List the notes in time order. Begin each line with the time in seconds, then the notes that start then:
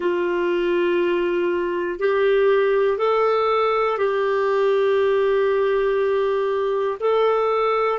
0.00 F4
1.99 G4
2.98 A4
3.98 G4
7.00 A4